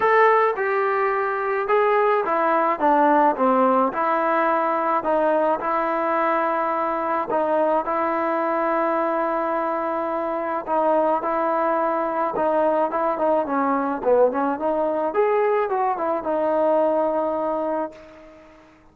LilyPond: \new Staff \with { instrumentName = "trombone" } { \time 4/4 \tempo 4 = 107 a'4 g'2 gis'4 | e'4 d'4 c'4 e'4~ | e'4 dis'4 e'2~ | e'4 dis'4 e'2~ |
e'2. dis'4 | e'2 dis'4 e'8 dis'8 | cis'4 b8 cis'8 dis'4 gis'4 | fis'8 e'8 dis'2. | }